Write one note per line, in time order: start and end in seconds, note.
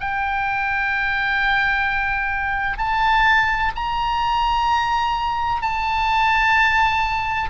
0.00 2.78 G5
2.78 3.72 A5
3.75 5.62 A#5
5.62 7.49 A5